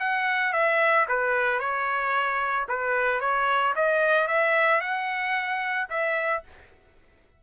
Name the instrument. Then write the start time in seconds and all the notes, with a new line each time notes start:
trumpet
0.00 F#5
0.53 E5
1.09 B4
1.60 C#5
2.69 B4
3.21 C#5
3.76 D#5
4.28 E5
4.81 F#5
5.90 E5